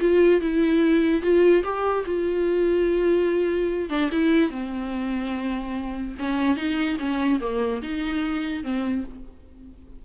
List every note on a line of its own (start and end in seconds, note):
0.00 0.41 F4
0.41 1.22 E4
1.22 1.63 F4
1.64 2.05 G4
2.06 3.89 F4
3.89 4.10 D4
4.12 4.51 E4
4.51 6.15 C4
6.19 6.56 C#4
6.56 6.98 D#4
6.99 7.40 C#4
7.40 7.82 A#3
7.82 8.64 D#4
8.64 9.05 C4